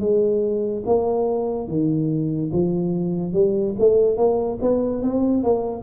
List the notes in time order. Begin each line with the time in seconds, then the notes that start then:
0.00 G#3
0.86 A#3
1.68 D#3
2.53 F3
3.33 G3
3.80 A3
4.17 A#3
4.61 B3
5.02 C4
5.44 A#3